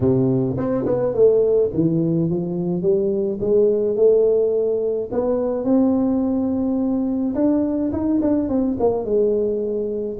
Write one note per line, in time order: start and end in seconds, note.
0.00 0.56 C3
0.57 0.85 C4
0.85 1.13 B3
1.13 1.70 A3
1.73 2.30 E3
2.30 2.81 F3
2.81 3.38 G3
3.40 3.95 G#3
3.95 5.09 A3
5.11 5.64 B3
5.64 7.34 C4
7.34 7.91 D4
7.92 8.20 D#4
8.21 8.48 D4
8.48 8.77 C4
8.79 9.05 A#3
9.05 10.18 G#3